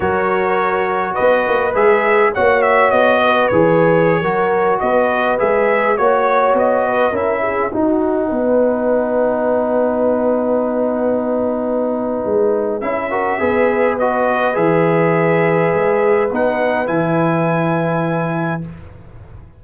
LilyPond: <<
  \new Staff \with { instrumentName = "trumpet" } { \time 4/4 \tempo 4 = 103 cis''2 dis''4 e''4 | fis''8 e''8 dis''4 cis''2~ | cis''16 dis''4 e''4 cis''4 dis''8.~ | dis''16 e''4 fis''2~ fis''8.~ |
fis''1~ | fis''2 e''2 | dis''4 e''2. | fis''4 gis''2. | }
  \new Staff \with { instrumentName = "horn" } { \time 4/4 ais'2 b'2 | cis''4. b'4.~ b'16 ais'8.~ | ais'16 b'2 cis''4. b'16~ | b'16 ais'8 gis'8 fis'4 b'4.~ b'16~ |
b'1~ | b'2~ b'8 ais'8 b'4~ | b'1~ | b'1 | }
  \new Staff \with { instrumentName = "trombone" } { \time 4/4 fis'2. gis'4 | fis'2 gis'4~ gis'16 fis'8.~ | fis'4~ fis'16 gis'4 fis'4.~ fis'16~ | fis'16 e'4 dis'2~ dis'8.~ |
dis'1~ | dis'2 e'8 fis'8 gis'4 | fis'4 gis'2. | dis'4 e'2. | }
  \new Staff \with { instrumentName = "tuba" } { \time 4/4 fis2 b8 ais8 gis4 | ais4 b4 e4~ e16 fis8.~ | fis16 b4 gis4 ais4 b8.~ | b16 cis'4 dis'4 b4.~ b16~ |
b1~ | b4 gis4 cis'4 b4~ | b4 e2 gis4 | b4 e2. | }
>>